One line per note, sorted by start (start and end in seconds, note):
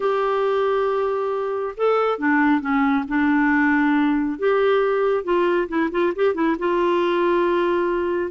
0.00 1.75 G4
1.77 2.18 A4
2.18 2.61 D4
2.61 3.04 C#4
3.08 4.38 D4
4.38 5.24 G4
5.24 5.68 F4
5.68 5.90 E4
5.91 6.13 F4
6.15 6.34 G4
6.34 6.56 E4
6.58 8.31 F4